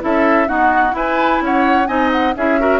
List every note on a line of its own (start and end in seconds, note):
0.00 0.48 C#4
0.00 0.47 E4
0.00 0.48 A4
0.00 0.48 E5
0.48 0.92 B3
0.48 0.93 D#4
0.48 0.95 F#4
0.48 0.95 F#5
0.92 1.85 E4
0.92 1.40 E4
0.92 1.43 B4
0.92 1.43 G#5
1.41 1.88 C#4
1.41 1.88 C#5
1.41 1.87 F#5
1.87 2.35 C4
1.87 2.34 D#4
1.87 2.35 D#5
1.87 2.10 G#5
2.12 2.35 F#5
2.36 2.80 C#4
2.36 2.59 E4
2.36 2.60 G#4
2.36 2.80 E5
2.59 2.80 F#4
2.59 2.80 A#4